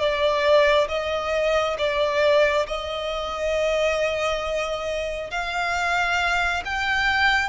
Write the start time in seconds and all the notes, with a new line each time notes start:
0.00 D5
0.89 D#5
1.78 D5
2.67 D#5
5.31 F5
6.65 G5